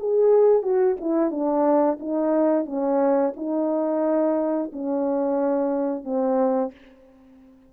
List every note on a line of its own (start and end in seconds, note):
0.00 0.63 G#4
0.63 0.96 F#4
1.01 1.31 E4
1.31 1.99 D4
2.00 2.66 D#4
2.66 3.33 C#4
3.36 4.72 D#4
4.73 6.04 C#4
6.04 6.72 C4